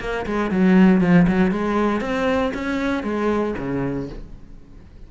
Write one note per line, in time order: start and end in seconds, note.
0.00 0.26 A#3
0.26 0.51 G#3
0.51 1.01 F#3
1.01 1.26 F3
1.28 1.51 F#3
1.51 2.01 G#3
2.01 2.52 C4
2.54 3.03 C#4
3.03 3.55 G#3
3.58 4.09 C#3